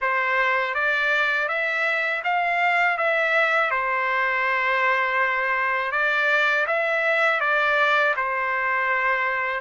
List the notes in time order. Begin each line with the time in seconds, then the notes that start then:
0.01 C5
0.74 D5
1.48 E5
2.24 F5
2.97 E5
3.70 C5
5.91 D5
6.67 E5
7.40 D5
8.16 C5